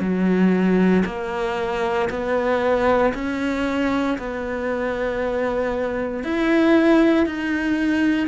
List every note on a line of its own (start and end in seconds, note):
0.00 1.03 F#3
1.06 2.09 A#3
2.10 3.13 B3
3.14 4.18 C#4
4.18 6.24 B3
6.24 7.26 E4
7.26 8.28 D#4